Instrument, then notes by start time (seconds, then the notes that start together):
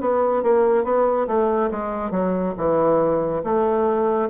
bassoon
0.00 B3
0.42 A#3
0.83 B3
1.27 A3
1.71 G#3
2.11 F#3
2.57 E3
3.43 A3